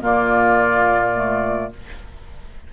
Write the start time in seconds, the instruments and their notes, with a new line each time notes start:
0.00 bassoon A#2, clarinet A#3, oboe F4, flute D5
1.14 clarinet A3